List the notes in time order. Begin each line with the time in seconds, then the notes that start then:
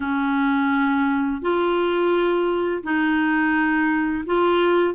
0.00 C#4
1.41 F4
2.83 D#4
4.25 F4